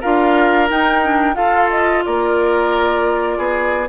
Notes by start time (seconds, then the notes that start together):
0.00 D4 F4 A#4 F5
0.68 D#4 G5
1.02 D4
1.33 F4 A4 F5
1.70 D#5
2.04 A#3 A#4 D5
3.37 B3 G#4